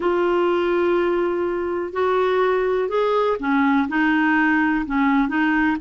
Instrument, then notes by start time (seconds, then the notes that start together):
clarinet
0.00 F4
1.93 F#4
2.89 G#4
3.39 C#4
3.88 D#4
4.86 C#4
5.28 D#4